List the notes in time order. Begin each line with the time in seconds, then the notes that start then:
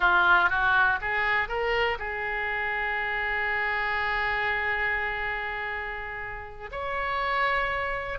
0.00 F4
0.49 F#4
1.01 G#4
1.48 A#4
1.98 G#4
6.71 C#5